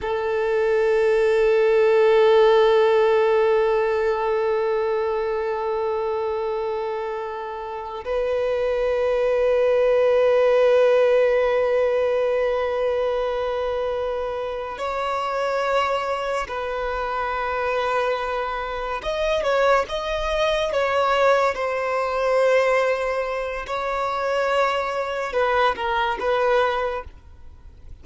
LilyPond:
\new Staff \with { instrumentName = "violin" } { \time 4/4 \tempo 4 = 71 a'1~ | a'1~ | a'4. b'2~ b'8~ | b'1~ |
b'4. cis''2 b'8~ | b'2~ b'8 dis''8 cis''8 dis''8~ | dis''8 cis''4 c''2~ c''8 | cis''2 b'8 ais'8 b'4 | }